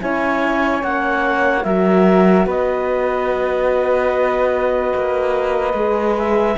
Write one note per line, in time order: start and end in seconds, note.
0.00 0.83 C#4
0.00 0.81 E4
0.00 1.65 C#5
0.00 0.83 G#5
0.81 1.64 A#3
0.81 1.63 C#4
0.81 1.64 F#5
1.64 2.46 F#3
1.64 5.76 F#4
1.64 2.46 A#4
1.64 2.46 E5
2.46 4.93 B3
2.46 6.57 B4
2.46 6.18 D#5
4.95 5.73 A#3
5.73 6.55 G#3
5.73 6.58 G#4
6.18 6.58 E5